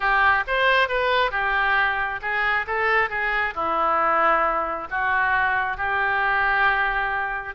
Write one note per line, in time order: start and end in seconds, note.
0.00 0.44 G4
0.47 0.88 C5
0.88 1.31 B4
1.31 2.20 G4
2.21 2.65 G#4
2.66 3.09 A4
3.09 3.54 G#4
3.54 4.88 E4
4.90 5.77 F#4
5.77 7.55 G4